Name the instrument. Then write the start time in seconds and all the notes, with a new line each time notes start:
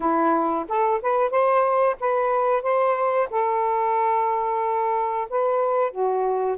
saxophone
0.00 E4
0.68 A4
1.02 B4
1.30 C5
2.00 B4
2.62 C5
3.30 A4
5.29 B4
5.91 F#4